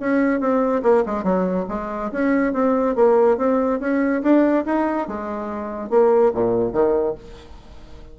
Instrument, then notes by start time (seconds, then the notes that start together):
bassoon
0.00 C#4
0.40 C4
0.83 A#3
1.06 G#3
1.23 F#3
1.69 G#3
2.12 C#4
2.53 C4
2.96 A#3
3.37 C4
3.80 C#4
4.23 D4
4.66 D#4
5.08 G#3
5.90 A#3
6.34 A#2
6.73 D#3